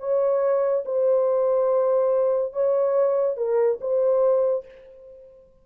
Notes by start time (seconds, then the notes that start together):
0.00 C#5
0.86 C5
2.53 C#5
3.37 A#4
3.81 C5